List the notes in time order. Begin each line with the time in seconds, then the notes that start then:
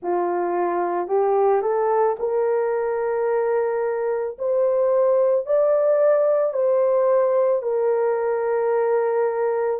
0.02 F4
1.07 G4
1.62 A4
2.19 A#4
4.38 C5
5.45 D5
6.53 C5
7.62 A#4